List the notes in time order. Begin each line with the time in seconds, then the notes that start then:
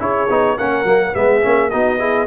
0.00 C#4 E4 G#4 C#5
0.30 B3 D#4
0.57 A#3 C#4 A#4 F#5
0.84 F#3 A#3
1.13 G#3 B3 G#4 E5
1.42 A#3 C#4
1.70 B3 D#4 F#4 D#5
1.99 E4 G#4